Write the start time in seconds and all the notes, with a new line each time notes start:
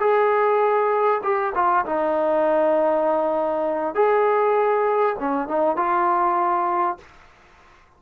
0.00 G#4
1.23 G4
1.55 F4
1.86 D#4
3.95 G#4
5.19 C#4
5.48 D#4
5.76 F4